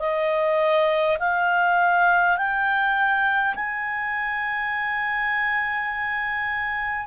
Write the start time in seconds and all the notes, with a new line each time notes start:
0.00 D#5
1.20 F5
2.37 G5
3.56 G#5